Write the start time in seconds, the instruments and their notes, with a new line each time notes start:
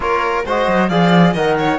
0.00 cello A#3, trombone F4, violin A#4, flute C#5
0.45 cello G#3, trombone F#4, violin C5, flute D#5
0.67 cello F#3
0.88 cello F3, trombone G#4, violin D5, flute F5
1.33 cello D#3, trombone A#4, violin D#5, flute F#5
1.58 violin C#5